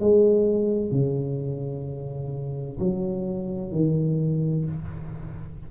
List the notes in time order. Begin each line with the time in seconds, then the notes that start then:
0.00 G#3
0.91 C#3
2.79 F#3
3.72 D#3